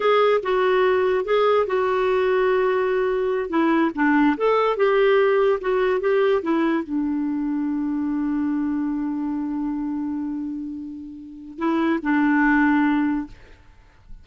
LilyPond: \new Staff \with { instrumentName = "clarinet" } { \time 4/4 \tempo 4 = 145 gis'4 fis'2 gis'4 | fis'1~ | fis'8 e'4 d'4 a'4 g'8~ | g'4. fis'4 g'4 e'8~ |
e'8 d'2.~ d'8~ | d'1~ | d'1 | e'4 d'2. | }